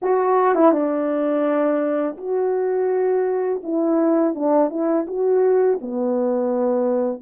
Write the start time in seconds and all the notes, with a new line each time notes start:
0.02 F#4
0.54 E4
0.72 D4
2.17 F#4
3.63 E4
4.34 D4
4.70 E4
5.07 F#4
5.81 B3